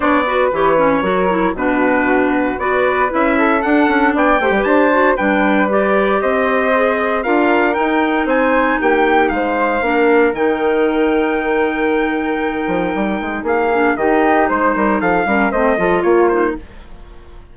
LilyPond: <<
  \new Staff \with { instrumentName = "trumpet" } { \time 4/4 \tempo 4 = 116 d''4 cis''2 b'4~ | b'4 d''4 e''4 fis''4 | g''4 a''4 g''4 d''4 | dis''2 f''4 g''4 |
gis''4 g''4 f''2 | g''1~ | g''2 f''4 dis''4 | c''4 f''4 dis''4 cis''8 c''8 | }
  \new Staff \with { instrumentName = "flute" } { \time 4/4 cis''8 b'4. ais'4 fis'4~ | fis'4 b'4. a'4. | d''8 c''16 b'16 c''4 b'2 | c''2 ais'2 |
c''4 g'4 c''4 ais'4~ | ais'1~ | ais'2 gis'4 g'4 | c''8 ais'8 a'8 ais'8 c''8 a'8 f'4 | }
  \new Staff \with { instrumentName = "clarinet" } { \time 4/4 d'8 fis'8 g'8 cis'8 fis'8 e'8 d'4~ | d'4 fis'4 e'4 d'4~ | d'8 g'4 fis'8 d'4 g'4~ | g'4 gis'4 f'4 dis'4~ |
dis'2. d'4 | dis'1~ | dis'2~ dis'8 d'8 dis'4~ | dis'4. cis'8 c'8 f'4 dis'8 | }
  \new Staff \with { instrumentName = "bassoon" } { \time 4/4 b4 e4 fis4 b,4~ | b,4 b4 cis'4 d'8 cis'8 | b8 a16 g16 d'4 g2 | c'2 d'4 dis'4 |
c'4 ais4 gis4 ais4 | dis1~ | dis8 f8 g8 gis8 ais4 dis4 | gis8 g8 f8 g8 a8 f8 ais4 | }
>>